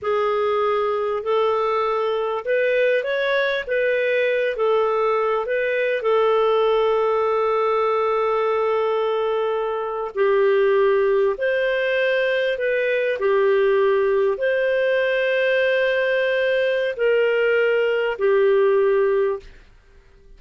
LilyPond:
\new Staff \with { instrumentName = "clarinet" } { \time 4/4 \tempo 4 = 99 gis'2 a'2 | b'4 cis''4 b'4. a'8~ | a'4 b'4 a'2~ | a'1~ |
a'8. g'2 c''4~ c''16~ | c''8. b'4 g'2 c''16~ | c''1 | ais'2 g'2 | }